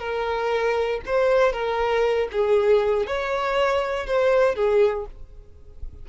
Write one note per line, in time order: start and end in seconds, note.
0.00 1.01 A#4
1.06 1.53 C5
1.53 2.28 A#4
2.32 3.07 G#4
3.07 4.07 C#5
4.07 4.56 C5
4.56 5.06 G#4